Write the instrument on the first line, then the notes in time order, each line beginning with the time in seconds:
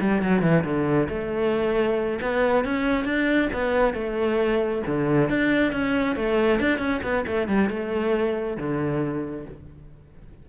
cello
0.00 G3
0.22 F#3
0.42 E3
0.64 D3
1.09 A3
2.21 B3
2.64 C#4
3.04 D4
3.53 B3
3.93 A3
4.86 D3
5.29 D4
5.72 C#4
6.15 A3
6.60 D4
6.78 C#4
7.02 B3
7.26 A3
7.48 G3
7.69 A3
8.56 D3